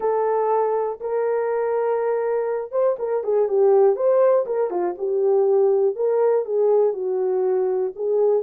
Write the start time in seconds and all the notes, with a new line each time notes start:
0.00 A4
1.00 A#4
2.71 C5
2.99 A#4
3.23 G#4
3.48 G4
3.95 C5
4.46 A#4
4.70 F4
4.98 G4
5.95 A#4
6.45 G#4
6.93 F#4
7.95 G#4